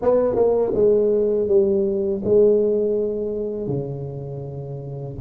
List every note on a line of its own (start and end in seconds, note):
0.02 0.35 B3
0.35 0.72 A#3
0.74 1.48 G#3
1.48 2.22 G3
2.24 3.67 G#3
3.67 5.15 C#3